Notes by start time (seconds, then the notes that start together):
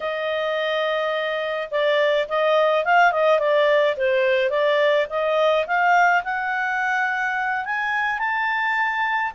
0.00 D#5
1.70 D5
2.28 D#5
2.84 F5
3.12 D#5
3.39 D5
3.96 C5
4.50 D5
5.09 D#5
5.66 F5
6.24 F#5
7.65 G#5
8.18 A5